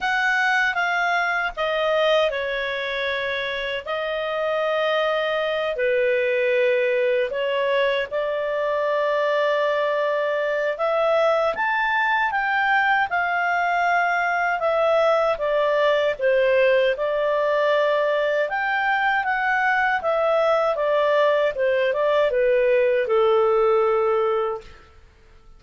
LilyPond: \new Staff \with { instrumentName = "clarinet" } { \time 4/4 \tempo 4 = 78 fis''4 f''4 dis''4 cis''4~ | cis''4 dis''2~ dis''8 b'8~ | b'4. cis''4 d''4.~ | d''2 e''4 a''4 |
g''4 f''2 e''4 | d''4 c''4 d''2 | g''4 fis''4 e''4 d''4 | c''8 d''8 b'4 a'2 | }